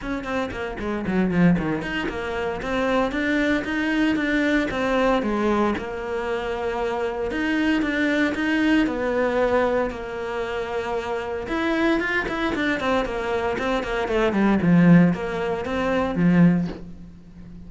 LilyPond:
\new Staff \with { instrumentName = "cello" } { \time 4/4 \tempo 4 = 115 cis'8 c'8 ais8 gis8 fis8 f8 dis8 dis'8 | ais4 c'4 d'4 dis'4 | d'4 c'4 gis4 ais4~ | ais2 dis'4 d'4 |
dis'4 b2 ais4~ | ais2 e'4 f'8 e'8 | d'8 c'8 ais4 c'8 ais8 a8 g8 | f4 ais4 c'4 f4 | }